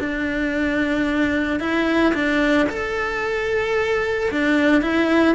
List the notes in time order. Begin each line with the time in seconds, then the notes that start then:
0.00 D4
1.60 E4
2.15 D4
2.70 A4
4.31 D4
4.82 E4